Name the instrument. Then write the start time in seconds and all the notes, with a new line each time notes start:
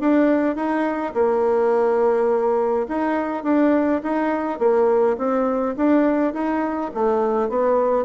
bassoon
0.00 D4
0.56 D#4
1.14 A#3
2.88 D#4
3.44 D4
4.03 D#4
4.59 A#3
5.18 C4
5.77 D4
6.33 D#4
6.94 A3
7.49 B3